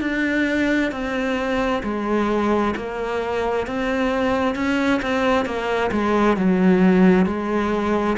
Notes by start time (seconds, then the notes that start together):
0.00 D4
0.91 C4
1.83 G#3
2.76 A#3
3.67 C4
4.55 C#4
5.02 C4
5.45 A#3
5.91 G#3
6.36 F#3
7.26 G#3